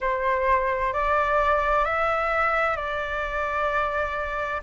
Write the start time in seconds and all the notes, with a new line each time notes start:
0.00 C5
0.93 D5
1.85 E5
2.76 D5